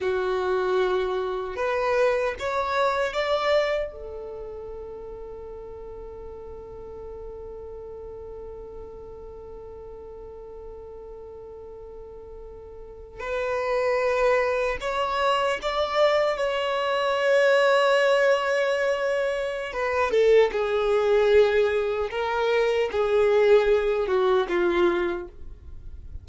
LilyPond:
\new Staff \with { instrumentName = "violin" } { \time 4/4 \tempo 4 = 76 fis'2 b'4 cis''4 | d''4 a'2.~ | a'1~ | a'1~ |
a'8. b'2 cis''4 d''16~ | d''8. cis''2.~ cis''16~ | cis''4 b'8 a'8 gis'2 | ais'4 gis'4. fis'8 f'4 | }